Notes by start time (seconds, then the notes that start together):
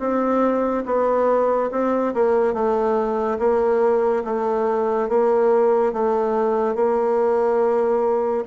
0.00 C4
0.86 B3
1.72 C4
2.14 A#3
2.54 A3
3.39 A#3
4.25 A3
5.09 A#3
5.93 A3
6.76 A#3